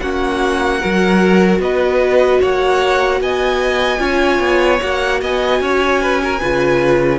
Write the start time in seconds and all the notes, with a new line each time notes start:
0.00 A#3 C#4 F#4 F#5
0.80 F#3 F#4 A#4
1.59 B3 B4 D#5
2.40 A#3 C#5 F#5
3.20 B3 D#5 G#5
3.99 C#4 F4 C#5
4.39 B3
4.80 A#3 F#4 F#5
5.21 B3 D#5 G#5
5.60 C#4 C#5
6.01 B4
6.23 A#4
6.40 C#3 F4 B4